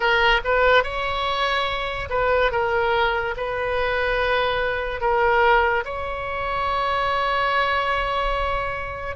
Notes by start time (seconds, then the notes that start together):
0.00 A#4
0.44 B4
0.83 C#5
2.09 B4
2.51 A#4
3.36 B4
5.00 A#4
5.84 C#5